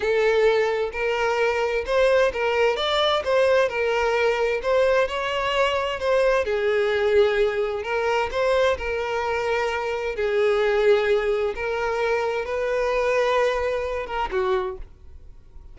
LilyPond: \new Staff \with { instrumentName = "violin" } { \time 4/4 \tempo 4 = 130 a'2 ais'2 | c''4 ais'4 d''4 c''4 | ais'2 c''4 cis''4~ | cis''4 c''4 gis'2~ |
gis'4 ais'4 c''4 ais'4~ | ais'2 gis'2~ | gis'4 ais'2 b'4~ | b'2~ b'8 ais'8 fis'4 | }